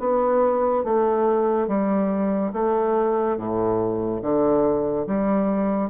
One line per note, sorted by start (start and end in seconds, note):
0.00 0.85 B3
0.85 1.68 A3
1.68 2.52 G3
2.53 3.38 A3
3.38 4.22 A2
4.22 5.07 D3
5.07 5.90 G3